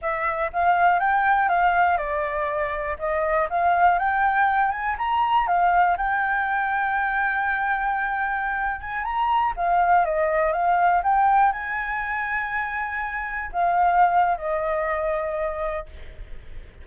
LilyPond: \new Staff \with { instrumentName = "flute" } { \time 4/4 \tempo 4 = 121 e''4 f''4 g''4 f''4 | d''2 dis''4 f''4 | g''4. gis''8 ais''4 f''4 | g''1~ |
g''4.~ g''16 gis''8 ais''4 f''8.~ | f''16 dis''4 f''4 g''4 gis''8.~ | gis''2.~ gis''16 f''8.~ | f''4 dis''2. | }